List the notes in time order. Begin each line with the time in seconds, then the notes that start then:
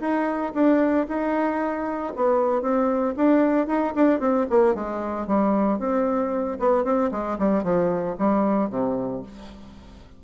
0.00 D#4
0.54 D4
1.08 D#4
2.16 B3
2.62 C4
3.17 D4
3.67 D#4
3.95 D4
4.20 C4
4.50 A#3
4.74 G#3
5.27 G3
5.79 C4
6.60 B3
6.84 C4
7.11 G#3
7.39 G3
7.63 F3
8.18 G3
8.70 C3